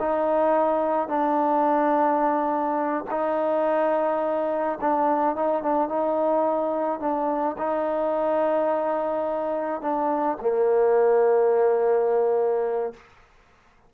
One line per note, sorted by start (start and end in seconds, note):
0.00 1.08 D#4
1.08 3.04 D4
3.11 4.79 D#4
4.81 5.36 D4
5.36 5.63 D#4
5.63 5.89 D4
5.89 7.00 D#4
7.00 7.56 D4
7.58 9.81 D#4
9.81 10.37 D4
10.41 12.93 A#3